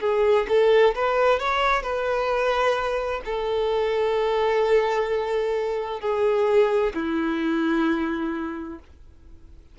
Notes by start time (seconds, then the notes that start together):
0.00 G#4
0.48 A4
0.95 B4
1.39 C#5
1.82 B4
3.25 A4
6.00 G#4
6.94 E4